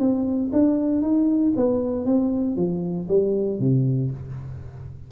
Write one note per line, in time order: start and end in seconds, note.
0.00 0.51 C4
0.53 1.02 D4
1.02 1.54 D#4
1.57 2.06 B3
2.06 2.57 C4
2.57 3.08 F3
3.09 3.60 G3
3.60 4.11 C3